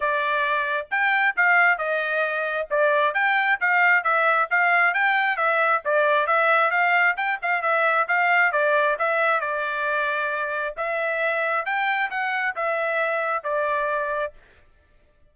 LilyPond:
\new Staff \with { instrumentName = "trumpet" } { \time 4/4 \tempo 4 = 134 d''2 g''4 f''4 | dis''2 d''4 g''4 | f''4 e''4 f''4 g''4 | e''4 d''4 e''4 f''4 |
g''8 f''8 e''4 f''4 d''4 | e''4 d''2. | e''2 g''4 fis''4 | e''2 d''2 | }